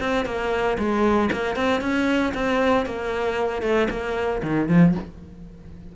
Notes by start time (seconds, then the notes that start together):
0.00 C4
0.26 A#3
0.78 G#3
1.32 A#3
1.56 C4
1.81 C#4
2.34 C4
2.86 A#3
3.62 A3
3.91 A#3
4.43 D#3
4.69 F3